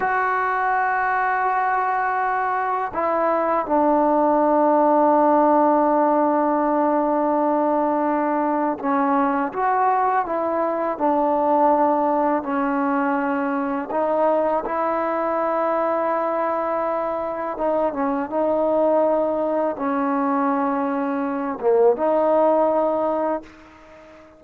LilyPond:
\new Staff \with { instrumentName = "trombone" } { \time 4/4 \tempo 4 = 82 fis'1 | e'4 d'2.~ | d'1 | cis'4 fis'4 e'4 d'4~ |
d'4 cis'2 dis'4 | e'1 | dis'8 cis'8 dis'2 cis'4~ | cis'4. ais8 dis'2 | }